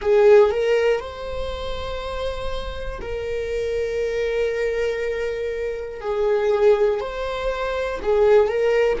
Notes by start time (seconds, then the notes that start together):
0.01 G#4
0.50 A#4
1.00 C5
3.00 A#4
6.00 G#4
7.00 C5
8.02 G#4
8.48 A#4